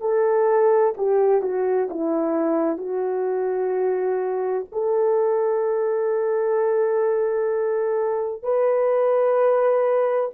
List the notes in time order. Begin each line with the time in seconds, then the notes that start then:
0.00 A4
0.97 G4
1.41 F#4
1.90 E4
2.77 F#4
4.71 A4
8.42 B4